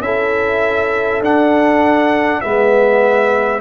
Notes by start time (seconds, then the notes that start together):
0.00 C#4 E4 A4 E5
1.21 D4 F#5
2.41 G#3 B3 B4 E5